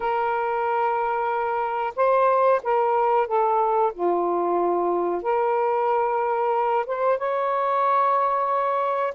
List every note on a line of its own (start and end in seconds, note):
0.00 1.93 A#4
1.96 2.61 C5
2.63 3.27 A#4
3.27 3.92 A4
3.93 5.22 F4
5.22 6.85 A#4
6.86 7.18 C5
7.18 9.13 C#5